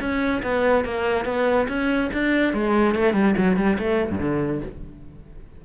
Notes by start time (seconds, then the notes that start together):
0.00 C#4
0.43 B3
0.84 A#3
1.25 B3
1.68 C#4
2.13 D4
2.53 G#3
2.95 A3
3.14 G3
3.37 F#3
3.56 G3
3.79 A3
4.11 G2
4.20 D3